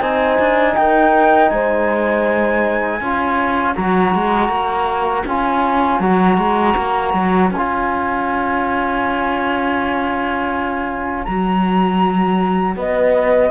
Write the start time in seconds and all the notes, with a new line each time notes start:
0.00 C4 D#4 C5 G#5
0.39 D4
0.76 D#4 A#4 G5
1.49 G#3 C5 G#5
3.00 C#4 F4 C#5
3.75 F#3 F#4 A#5
4.15 G#3
4.48 A#3
5.25 C#4 F4 G#5
6.00 F#3 F#4 A#5
6.37 G#3
6.77 A#3
7.14 F#3
7.51 C#4 F4 G#5
11.24 F#3 F#4 A#5
12.76 B3 B4 D#5